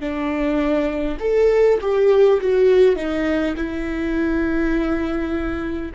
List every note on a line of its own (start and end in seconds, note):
0.00 1.18 D4
1.20 1.79 A4
1.81 2.40 G4
2.41 2.96 F#4
2.96 3.55 D#4
3.56 5.91 E4